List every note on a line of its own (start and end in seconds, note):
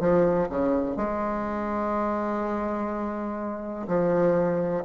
0.00 0.48 F3
0.49 0.96 C#3
0.96 3.87 G#3
3.88 4.84 F3